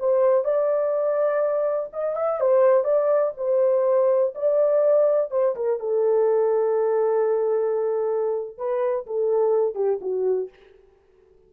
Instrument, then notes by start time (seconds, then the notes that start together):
horn
0.00 C5
0.45 D5
1.93 D#5
2.16 E5
2.41 C5
2.84 D5
3.37 C5
4.35 D5
5.31 C5
5.56 A#4
5.80 A4
8.58 B4
9.07 A4
9.75 G4
10.02 F#4